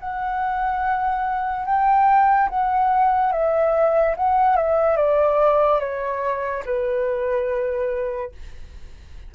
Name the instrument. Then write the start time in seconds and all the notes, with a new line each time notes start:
flute
0.00 F#5
1.66 G5
2.49 F#5
3.32 E5
4.17 F#5
4.56 E5
4.97 D5
5.80 C#5
6.66 B4